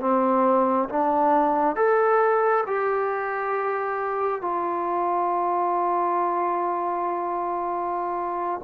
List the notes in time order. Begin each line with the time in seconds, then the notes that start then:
0.00 C4
0.89 D4
1.76 A4
2.66 G4
4.41 F4